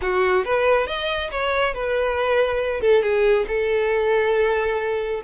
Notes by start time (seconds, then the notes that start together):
0.01 F#4
0.44 B4
0.86 D#5
1.31 C#5
1.74 B4
2.80 A4
3.02 G#4
3.47 A4